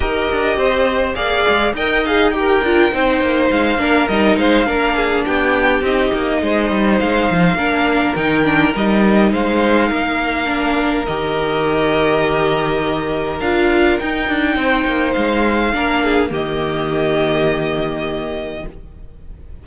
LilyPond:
<<
  \new Staff \with { instrumentName = "violin" } { \time 4/4 \tempo 4 = 103 dis''2 f''4 g''8 f''8 | g''2 f''4 dis''8 f''8~ | f''4 g''4 dis''2 | f''2 g''4 dis''4 |
f''2. dis''4~ | dis''2. f''4 | g''2 f''2 | dis''1 | }
  \new Staff \with { instrumentName = "violin" } { \time 4/4 ais'4 c''4 d''4 dis''4 | ais'4 c''4. ais'4 c''8 | ais'8 gis'8 g'2 c''4~ | c''4 ais'2. |
c''4 ais'2.~ | ais'1~ | ais'4 c''2 ais'8 gis'8 | g'1 | }
  \new Staff \with { instrumentName = "viola" } { \time 4/4 g'2 gis'4 ais'8 gis'8 | g'8 f'8 dis'4. d'8 dis'4 | d'2 dis'2~ | dis'4 d'4 dis'8 d'8 dis'4~ |
dis'2 d'4 g'4~ | g'2. f'4 | dis'2. d'4 | ais1 | }
  \new Staff \with { instrumentName = "cello" } { \time 4/4 dis'8 d'8 c'4 ais8 gis8 dis'4~ | dis'8 d'8 c'8 ais8 gis8 ais8 g8 gis8 | ais4 b4 c'8 ais8 gis8 g8 | gis8 f8 ais4 dis4 g4 |
gis4 ais2 dis4~ | dis2. d'4 | dis'8 d'8 c'8 ais8 gis4 ais4 | dis1 | }
>>